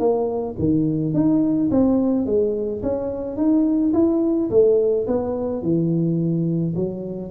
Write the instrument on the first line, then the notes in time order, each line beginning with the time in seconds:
tuba
0.00 A#3
0.59 D#3
1.14 D#4
1.71 C4
2.26 G#3
2.83 C#4
3.37 D#4
3.94 E4
4.51 A3
5.07 B3
5.63 E3
6.76 F#3